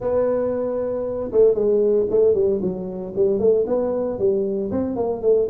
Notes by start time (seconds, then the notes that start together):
0.00 B3
1.31 A3
1.54 G#3
2.10 A3
2.34 G3
2.61 F#3
3.15 G3
3.39 A3
3.66 B3
4.18 G3
4.71 C4
4.95 A#3
5.22 A3